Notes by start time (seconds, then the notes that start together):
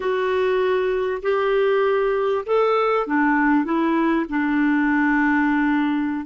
0.00 F#4
1.22 G4
2.45 A4
3.06 D4
3.64 E4
4.29 D4